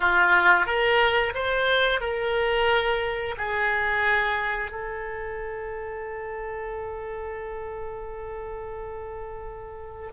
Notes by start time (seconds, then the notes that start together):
0.00 F4
0.66 A#4
1.34 C5
2.00 A#4
3.37 G#4
4.71 A4